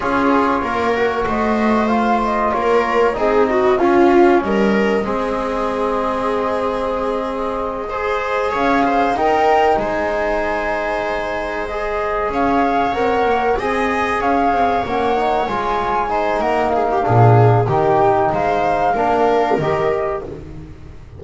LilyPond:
<<
  \new Staff \with { instrumentName = "flute" } { \time 4/4 \tempo 4 = 95 cis''2 dis''4 f''8 dis''8 | cis''4 dis''4 f''4 dis''4~ | dis''1~ | dis''4. f''4 g''4 gis''8~ |
gis''2~ gis''8 dis''4 f''8~ | f''8 fis''4 gis''4 f''4 fis''8~ | fis''8 gis''4. fis''8 f''4. | g''4 f''2 dis''4 | }
  \new Staff \with { instrumentName = "viola" } { \time 4/4 gis'4 ais'4 c''2 | ais'4 gis'8 fis'8 f'4 ais'4 | gis'1~ | gis'8 c''4 cis''8 c''8 ais'4 c''8~ |
c''2.~ c''8 cis''8~ | cis''4. dis''4 cis''4.~ | cis''4. c''8 ais'8 gis'16 g'16 gis'4 | g'4 c''4 ais'2 | }
  \new Staff \with { instrumentName = "trombone" } { \time 4/4 f'4. fis'4. f'4~ | f'4 dis'4 cis'2 | c'1~ | c'8 gis'2 dis'4.~ |
dis'2~ dis'8 gis'4.~ | gis'8 ais'4 gis'2 cis'8 | dis'8 f'4 dis'4. d'4 | dis'2 d'4 g'4 | }
  \new Staff \with { instrumentName = "double bass" } { \time 4/4 cis'4 ais4 a2 | ais4 c'4 cis'4 g4 | gis1~ | gis4. cis'4 dis'4 gis8~ |
gis2.~ gis8 cis'8~ | cis'8 c'8 ais8 c'4 cis'8 c'8 ais8~ | ais8 gis4. ais4 ais,4 | dis4 gis4 ais4 dis4 | }
>>